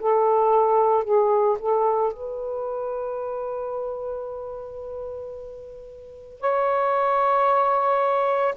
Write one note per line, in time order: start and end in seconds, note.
0.00 1.04 A4
1.04 1.58 G#4
1.60 2.13 A4
2.14 6.40 B4
6.40 8.55 C#5